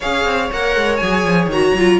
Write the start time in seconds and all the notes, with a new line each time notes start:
0.00 C#4 G#4 C#5 F5
0.25 C4
0.52 A#3 A#4 F#5
0.76 G#3
0.96 F#3 G#4 G#5
1.24 F3
1.46 D#3 F#4 A#5
1.73 F#3 F4